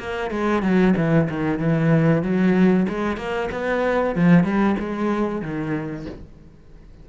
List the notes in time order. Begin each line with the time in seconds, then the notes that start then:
0.00 A#3
0.31 G#3
0.63 F#3
0.97 E3
1.30 D#3
1.60 E3
2.23 F#3
2.89 G#3
3.18 A#3
3.52 B3
4.16 F3
4.44 G3
4.80 G#3
5.43 D#3